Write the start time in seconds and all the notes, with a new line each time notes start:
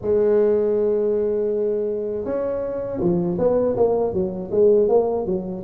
0.01 G#3
2.25 C#4
3.00 F3
3.38 B3
3.76 A#3
4.12 F#3
4.51 G#3
4.88 A#3
5.26 F#3